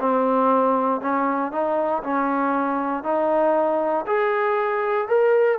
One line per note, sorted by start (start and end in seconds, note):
0.00 1.01 C4
1.01 1.52 C#4
1.52 2.03 D#4
2.04 3.04 C#4
3.04 4.05 D#4
4.07 5.08 G#4
5.08 5.59 A#4